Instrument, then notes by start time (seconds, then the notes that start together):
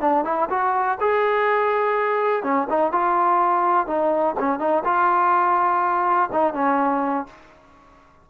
trombone
0.00 D4
0.24 E4
0.49 F#4
1.00 G#4
2.43 C#4
2.69 D#4
2.92 F4
3.87 D#4
4.39 C#4
4.59 D#4
4.84 F4
6.32 D#4
6.53 C#4